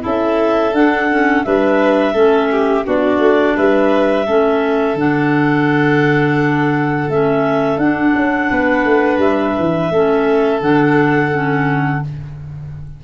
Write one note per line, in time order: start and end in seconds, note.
0.00 0.72 C#4
0.00 0.71 E4
0.00 1.45 A4
0.00 0.74 E5
0.72 1.43 D4
0.72 1.10 D4
0.72 1.44 F#5
1.10 1.44 C#4
1.44 2.14 G3
1.44 2.14 D4
1.44 2.13 B4
1.44 2.85 E5
2.13 2.84 A3
2.13 2.84 C#4
2.13 2.48 A4
2.51 2.86 G4
2.84 3.19 B3
2.84 4.26 D4
2.84 3.56 F#4
2.84 3.57 D5
3.19 3.54 A3
3.56 4.27 G3
3.56 4.26 B4
3.56 4.98 E5
4.26 4.94 A3
4.26 4.97 C#4
4.26 8.49 A4
4.94 7.06 D3
4.94 7.10 D4
4.94 7.10 F#5
7.09 7.77 A3
7.09 7.80 C#4
7.09 7.78 E5
7.77 8.12 D4
7.77 9.92 D4
7.77 9.19 F#5
8.15 8.50 C#4
8.50 8.84 B3
8.50 9.91 B4
8.84 9.17 A3
9.17 9.52 G3
9.17 10.60 E5
9.58 9.90 E3
9.90 10.60 A3
9.90 10.61 C#4
9.90 12.03 A4
10.60 12.02 D3
10.60 11.31 D4
10.60 12.03 F#5
11.31 12.02 C#4